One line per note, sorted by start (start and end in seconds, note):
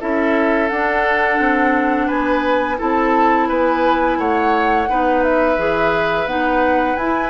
0.00 0.71 C#4
0.00 0.70 E4
0.00 2.07 A4
0.00 0.69 E5
0.69 1.40 D4
0.69 2.78 D4
0.69 2.08 F#5
1.40 2.09 C4
2.07 2.80 B3
2.07 2.77 B4
2.07 2.78 G#5
2.78 3.50 C4
2.78 4.87 E4
2.78 3.49 A4
2.78 3.49 A5
3.49 4.18 B3
3.49 4.18 B4
3.49 4.20 G#5
4.18 4.88 A3
4.18 4.90 C#5
4.18 5.24 F#5
4.89 5.58 B3
4.89 5.58 D#4
4.89 7.31 B4
5.24 6.27 E5
5.58 6.26 E3
5.58 6.28 G#4
6.26 6.96 B3
6.26 6.98 D#4
6.26 6.96 F#5
6.96 7.31 E4
6.96 7.31 G#5